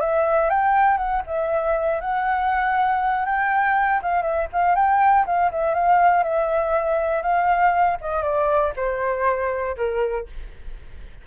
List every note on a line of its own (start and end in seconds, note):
0.00 0.50 E5
0.50 0.97 G5
0.97 1.22 F#5
1.26 2.00 E5
2.00 3.25 F#5
3.25 4.00 G5
4.02 4.22 F5
4.22 4.47 E5
4.53 4.75 F5
4.75 5.25 G5
5.26 5.51 F5
5.51 5.74 E5
5.74 6.23 F5
6.23 7.22 E5
7.22 7.97 F5
8.01 8.22 D#5
8.22 8.72 D5
8.76 9.76 C5
9.76 10.26 A#4